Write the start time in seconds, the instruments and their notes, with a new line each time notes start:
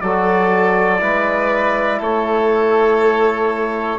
0.00 bassoon F#3, trombone F#4, violin A4, trumpet D5
0.98 bassoon G#3, trombone E4, violin B4
1.98 bassoon A3, violin A4, trumpet C#5